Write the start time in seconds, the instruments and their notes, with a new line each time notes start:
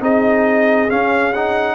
0.00 tuba C4, trombone D#4, horn G#4, trumpet D#5
0.89 trombone C#4, tuba C#4, trumpet F5
1.33 trombone D#4, trumpet F#5